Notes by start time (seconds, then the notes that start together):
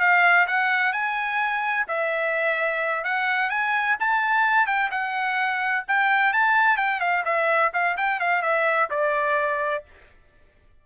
0.00 F5
0.47 F#5
0.93 G#5
1.88 E5
3.04 F#5
3.50 G#5
4.00 A5
4.67 G5
4.91 F#5
5.88 G5
6.33 A5
6.77 G5
7.00 F5
7.25 E5
7.73 F5
7.97 G5
8.20 F5
8.42 E5
8.90 D5